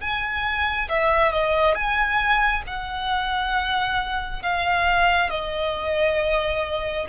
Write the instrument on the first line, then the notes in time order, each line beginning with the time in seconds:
violin
0.00 G#5
0.89 E5
1.32 D#5
1.74 G#5
2.67 F#5
4.42 F5
5.30 D#5